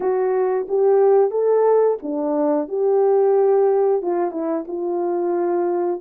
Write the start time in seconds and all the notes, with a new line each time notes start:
0.00 F#4
0.68 G4
1.31 A4
2.02 D4
2.68 G4
4.02 F4
4.31 E4
4.67 F4